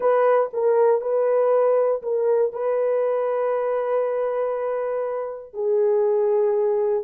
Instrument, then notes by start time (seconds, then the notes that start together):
horn
0.00 B4
0.53 A#4
1.01 B4
2.02 A#4
2.53 B4
5.53 G#4